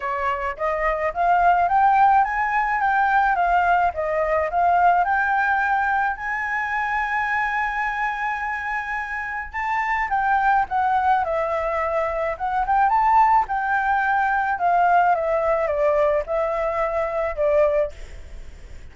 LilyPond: \new Staff \with { instrumentName = "flute" } { \time 4/4 \tempo 4 = 107 cis''4 dis''4 f''4 g''4 | gis''4 g''4 f''4 dis''4 | f''4 g''2 gis''4~ | gis''1~ |
gis''4 a''4 g''4 fis''4 | e''2 fis''8 g''8 a''4 | g''2 f''4 e''4 | d''4 e''2 d''4 | }